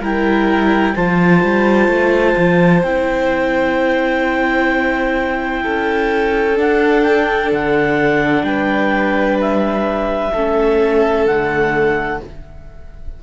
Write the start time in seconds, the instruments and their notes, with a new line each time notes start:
0.00 cello G3, viola E4, violin A#4, clarinet G5
0.95 cello F3, viola F4, violin C5, clarinet A5
1.43 cello G3
1.88 cello A3
2.36 cello F3
2.83 cello C4, viola E4, clarinet G5
5.62 cello C#4, violin A4
6.55 viola D4, cello D4, clarinet F#5
7.03 clarinet G5
7.52 cello D3, clarinet F#5
8.43 cello G3, violin B4, clarinet G5
9.41 clarinet E5
10.32 cello A3, viola C#4, violin A4
11.26 cello D3, viola A3, clarinet F#5